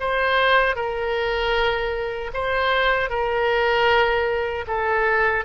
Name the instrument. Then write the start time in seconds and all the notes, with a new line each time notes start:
oboe
0.00 C5
0.75 A#4
2.33 C5
3.09 A#4
4.67 A4